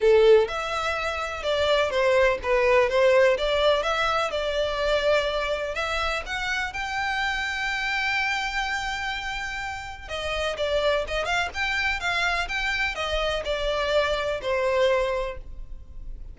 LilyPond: \new Staff \with { instrumentName = "violin" } { \time 4/4 \tempo 4 = 125 a'4 e''2 d''4 | c''4 b'4 c''4 d''4 | e''4 d''2. | e''4 fis''4 g''2~ |
g''1~ | g''4 dis''4 d''4 dis''8 f''8 | g''4 f''4 g''4 dis''4 | d''2 c''2 | }